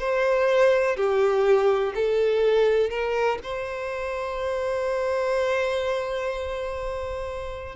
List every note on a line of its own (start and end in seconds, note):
0.00 0.97 C5
0.97 1.94 G4
1.95 2.90 A4
2.90 3.39 A#4
3.44 7.76 C5